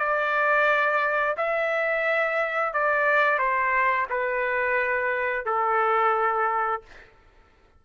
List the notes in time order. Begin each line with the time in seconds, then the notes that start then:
0.00 D5
1.38 E5
2.74 D5
3.39 C5
4.10 B4
5.46 A4